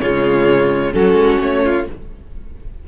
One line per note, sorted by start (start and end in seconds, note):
0.00 0.94 C#3
0.00 0.93 G#3
0.00 0.94 F4
0.00 0.93 C#5
0.93 1.13 F#3
0.93 1.86 C#4
0.93 1.63 F#4
0.93 1.39 A4
1.13 1.37 G#3
1.40 1.87 A3
1.40 1.87 C#5
1.63 1.87 F4